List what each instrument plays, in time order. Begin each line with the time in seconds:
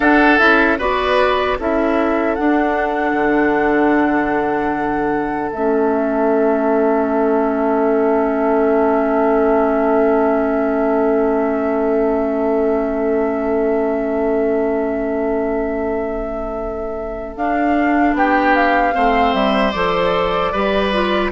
0.00 bassoon D4, clarinet D4, oboe A4, flute F#5
0.38 bassoon C#4, clarinet E4, flute E5
0.78 bassoon B3, clarinet F#4, oboe B4, flute D5
1.59 bassoon C#4, clarinet E4, oboe A4, flute E5
2.35 clarinet D4, bassoon D4, flute F#5
3.13 bassoon D3
5.51 bassoon A3, clarinet C#4, flute E5
17.36 bassoon D4, clarinet D4, flute F5
18.13 bassoon B3, oboe G4, flute G5
18.55 flute F5
18.93 bassoon A3, clarinet C4, oboe C5
19.33 bassoon G3, flute E5
19.71 bassoon F3, clarinet A4, flute D5
20.52 bassoon G3, clarinet G4, oboe B4
20.93 clarinet F4